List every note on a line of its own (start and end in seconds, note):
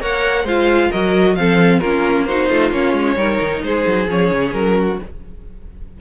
0.00 0.44 A#3
0.00 0.45 A#4
0.00 0.44 C#5
0.00 0.47 F#5
0.44 0.89 G#3
0.44 0.93 F4
0.44 0.89 C5
0.44 0.91 F5
0.90 1.36 F#3
0.90 1.37 F#4
0.90 1.35 A#4
0.90 1.36 D#5
1.36 1.81 F3
1.36 1.82 C4
1.36 1.81 A4
1.36 1.80 F5
1.80 2.49 A#3
1.80 2.28 C#4
1.80 2.26 F4
1.80 2.25 A#4
2.26 2.72 D#4
2.26 2.48 F#4
2.26 2.71 C5
2.48 2.70 A3
2.48 3.16 F4
2.70 2.93 A#3
2.70 3.17 C#4
2.70 3.62 C#5
2.93 3.16 G#3
3.16 3.39 G3
3.16 4.07 D#4
3.16 3.63 A#4
3.40 3.63 D#3
3.63 3.86 G#3
3.63 4.78 G#4
3.63 4.09 C5
3.87 4.08 F#3
4.08 4.31 F3
4.08 4.99 C#4
4.08 4.53 C#5
4.31 4.54 C#3
4.53 4.99 F#3
4.53 4.98 A#4
4.78 5.00 F#4